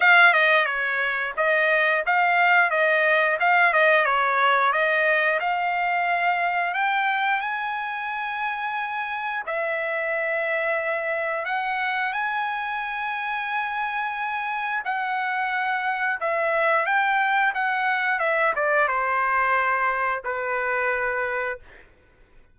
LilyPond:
\new Staff \with { instrumentName = "trumpet" } { \time 4/4 \tempo 4 = 89 f''8 dis''8 cis''4 dis''4 f''4 | dis''4 f''8 dis''8 cis''4 dis''4 | f''2 g''4 gis''4~ | gis''2 e''2~ |
e''4 fis''4 gis''2~ | gis''2 fis''2 | e''4 g''4 fis''4 e''8 d''8 | c''2 b'2 | }